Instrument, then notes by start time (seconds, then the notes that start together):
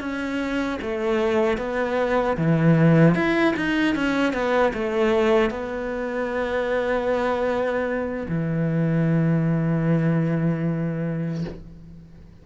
cello
0.00 C#4
0.81 A3
1.58 B3
2.37 E3
3.15 E4
3.57 D#4
3.95 C#4
4.33 B3
4.74 A3
5.50 B3
8.29 E3